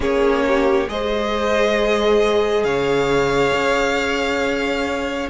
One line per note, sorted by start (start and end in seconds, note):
0.00 0.87 A#3
0.00 0.87 C#4
0.00 0.44 G#4
0.00 0.89 C#5
0.47 0.91 G4
0.87 2.63 G#3
0.87 5.28 G#4
0.87 2.65 C5
0.87 2.64 D#5
2.63 3.52 C#3
2.63 5.29 C#5
2.63 5.28 F5
3.53 5.29 C#4